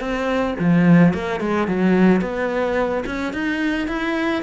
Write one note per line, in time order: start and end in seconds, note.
0.00 0.55 C4
0.59 1.14 F3
1.14 1.41 A#3
1.41 1.68 G#3
1.68 2.21 F#3
2.21 3.04 B3
3.06 3.33 C#4
3.33 3.88 D#4
3.88 4.43 E4